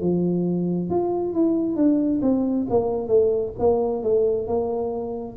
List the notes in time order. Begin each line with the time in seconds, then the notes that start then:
0.00 F3
0.89 F4
1.33 E4
1.75 D4
2.21 C4
2.69 A#3
3.07 A3
3.59 A#3
4.03 A3
4.47 A#3